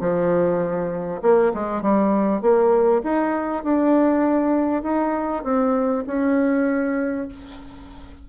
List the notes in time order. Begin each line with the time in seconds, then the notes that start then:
0.00 F3
1.21 A#3
1.54 G#3
1.82 G3
2.41 A#3
3.03 D#4
3.63 D4
4.83 D#4
5.44 C4
6.07 C#4